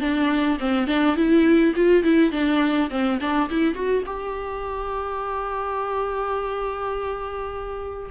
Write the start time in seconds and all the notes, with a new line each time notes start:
0.00 D4
0.59 C4
0.87 D4
1.16 E4
1.75 F4
2.03 E4
2.31 D4
2.90 C4
3.20 D4
3.49 E4
3.74 F#4
4.06 G4